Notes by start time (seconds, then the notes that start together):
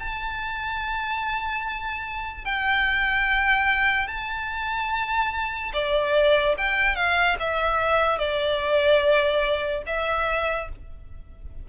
0.00 A5
2.45 G5
4.08 A5
5.73 D5
6.58 G5
6.96 F5
7.40 E5
8.19 D5
9.87 E5